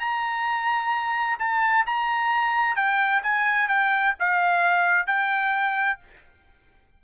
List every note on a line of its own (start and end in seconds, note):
0.00 1.38 A#5
1.40 1.86 A5
1.87 2.76 A#5
2.76 3.22 G5
3.23 3.69 G#5
3.69 4.15 G5
4.20 5.07 F5
5.07 5.99 G5